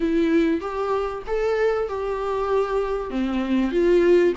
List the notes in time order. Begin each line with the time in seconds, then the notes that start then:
0.00 E4
0.60 G4
1.27 A4
1.88 G4
3.10 C4
3.71 F4